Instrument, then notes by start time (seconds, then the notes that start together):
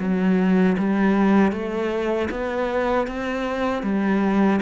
cello
0.00 F#3
0.78 G3
1.52 A3
2.31 B3
3.08 C4
3.84 G3